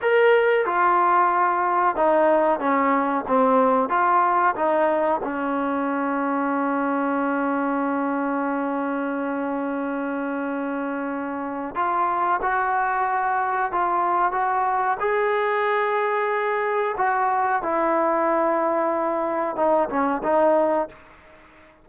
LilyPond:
\new Staff \with { instrumentName = "trombone" } { \time 4/4 \tempo 4 = 92 ais'4 f'2 dis'4 | cis'4 c'4 f'4 dis'4 | cis'1~ | cis'1~ |
cis'2 f'4 fis'4~ | fis'4 f'4 fis'4 gis'4~ | gis'2 fis'4 e'4~ | e'2 dis'8 cis'8 dis'4 | }